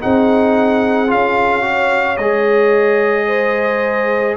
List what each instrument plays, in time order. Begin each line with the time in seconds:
0.00 tuba C4, trombone D#4, horn G#4, trumpet F#5
1.07 tuba C#4, trombone F4, trumpet F5
1.61 trombone F#4, horn C#5
2.17 tuba G#3, trombone G#4, trumpet D#5
3.27 horn C5